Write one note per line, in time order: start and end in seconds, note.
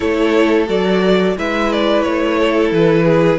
0.00 0.68 A3
0.00 0.66 E4
0.00 1.37 A4
0.00 0.67 C#5
0.66 1.36 F#3
0.66 1.35 F#4
0.66 1.37 D5
1.37 2.05 G#3
1.37 3.38 E4
1.37 2.39 B4
1.37 1.72 E5
1.72 2.02 D5
2.02 2.71 A3
2.02 2.70 C#5
2.39 3.05 A4
2.71 3.38 E3
2.71 3.38 B4
3.05 3.38 G#4